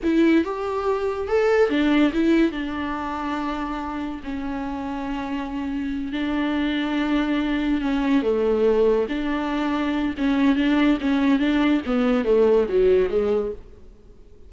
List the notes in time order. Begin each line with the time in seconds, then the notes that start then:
0.03 E4
0.44 G4
1.28 A4
1.69 D4
2.12 E4
2.51 D4
4.23 C#4
6.12 D4
7.81 C#4
8.22 A3
9.08 D4
10.17 C#4
10.55 D4
11.00 C#4
11.39 D4
11.86 B3
12.24 A3
12.68 F#3
13.09 G#3